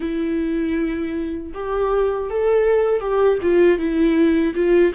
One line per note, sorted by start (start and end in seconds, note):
0.00 1.52 E4
1.54 2.30 G4
2.30 3.00 A4
3.00 3.38 G4
3.42 3.78 F4
3.78 4.54 E4
4.54 4.92 F4